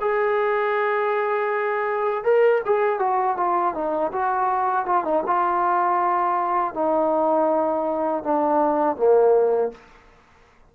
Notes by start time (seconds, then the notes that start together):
0.00 G#4
2.24 A#4
2.65 G#4
2.99 F#4
3.36 F4
3.74 D#4
4.12 F#4
4.85 F4
5.04 D#4
5.26 F4
6.74 D#4
8.23 D4
8.96 A#3